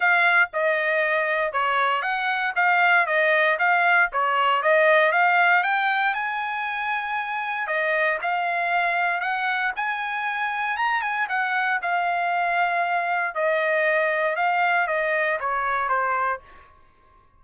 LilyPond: \new Staff \with { instrumentName = "trumpet" } { \time 4/4 \tempo 4 = 117 f''4 dis''2 cis''4 | fis''4 f''4 dis''4 f''4 | cis''4 dis''4 f''4 g''4 | gis''2. dis''4 |
f''2 fis''4 gis''4~ | gis''4 ais''8 gis''8 fis''4 f''4~ | f''2 dis''2 | f''4 dis''4 cis''4 c''4 | }